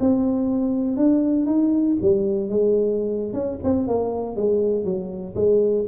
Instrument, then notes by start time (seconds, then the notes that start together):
tuba
0.00 C4
0.97 D4
1.46 D#4
2.02 G3
2.49 G#3
3.33 C#4
3.64 C4
3.88 A#3
4.36 G#3
4.84 F#3
5.35 G#3